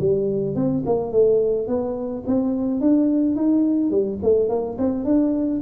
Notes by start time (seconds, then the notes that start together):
0.00 G3
0.55 C4
0.86 A#3
1.12 A3
1.67 B3
2.27 C4
2.81 D4
3.36 D#4
3.91 G3
4.23 A3
4.49 A#3
4.78 C4
5.05 D4